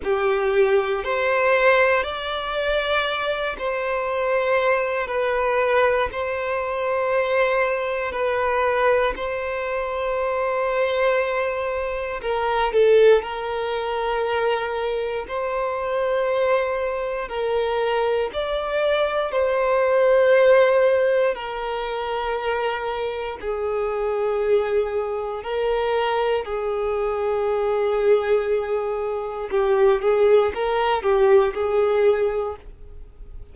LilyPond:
\new Staff \with { instrumentName = "violin" } { \time 4/4 \tempo 4 = 59 g'4 c''4 d''4. c''8~ | c''4 b'4 c''2 | b'4 c''2. | ais'8 a'8 ais'2 c''4~ |
c''4 ais'4 d''4 c''4~ | c''4 ais'2 gis'4~ | gis'4 ais'4 gis'2~ | gis'4 g'8 gis'8 ais'8 g'8 gis'4 | }